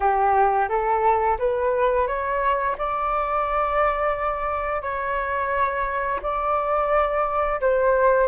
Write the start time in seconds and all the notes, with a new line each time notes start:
0.00 G4
0.68 A4
1.38 B4
2.07 C#5
2.77 D5
4.82 C#5
6.22 D5
7.60 C5